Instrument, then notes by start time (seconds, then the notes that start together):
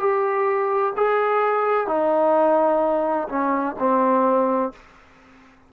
trombone
0.00 G4
0.97 G#4
1.88 D#4
3.29 C#4
3.79 C4